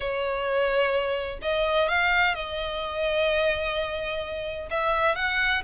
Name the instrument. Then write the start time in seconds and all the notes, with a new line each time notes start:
violin
0.00 C#5
1.42 D#5
1.88 F5
2.34 D#5
4.70 E5
5.15 F#5